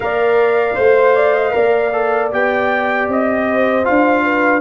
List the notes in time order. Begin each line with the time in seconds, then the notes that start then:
0.00 A#3 A#4 D5 F5
0.75 A3 C5
1.15 D5
1.34 D#5
1.51 A#3 A#4 D5
1.92 A4
2.31 B3 G4 G5
3.08 C4 D#5
3.47 C5
3.83 D4 F4 F5
4.24 B4